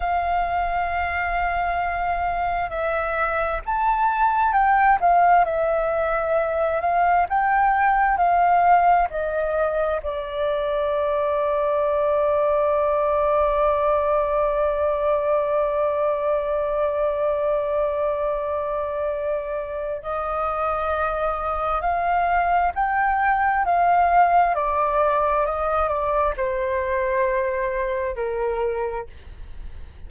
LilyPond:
\new Staff \with { instrumentName = "flute" } { \time 4/4 \tempo 4 = 66 f''2. e''4 | a''4 g''8 f''8 e''4. f''8 | g''4 f''4 dis''4 d''4~ | d''1~ |
d''1~ | d''2 dis''2 | f''4 g''4 f''4 d''4 | dis''8 d''8 c''2 ais'4 | }